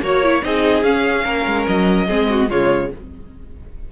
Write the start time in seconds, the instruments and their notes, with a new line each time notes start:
0.00 cello A#3, viola F#4, violin C#5
0.23 viola E4
0.42 cello C4, viola D#4, violin G#4 D#5
0.83 cello C#4, viola C#4, violin F5
1.24 cello A#3, violin A#4
1.45 cello G#3
1.67 cello F#3, violin D#5
2.07 cello G#3, viola C4, violin G#4
2.29 violin F#4
2.49 cello C#3, viola G#3, violin F4 C#5